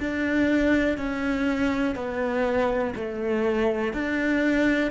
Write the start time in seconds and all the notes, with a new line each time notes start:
0.00 D4
0.98 C#4
1.96 B3
2.96 A3
3.93 D4